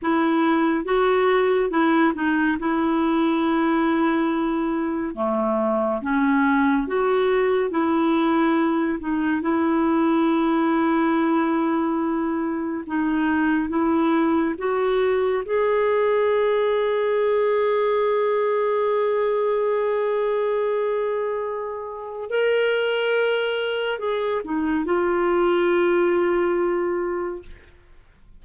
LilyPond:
\new Staff \with { instrumentName = "clarinet" } { \time 4/4 \tempo 4 = 70 e'4 fis'4 e'8 dis'8 e'4~ | e'2 a4 cis'4 | fis'4 e'4. dis'8 e'4~ | e'2. dis'4 |
e'4 fis'4 gis'2~ | gis'1~ | gis'2 ais'2 | gis'8 dis'8 f'2. | }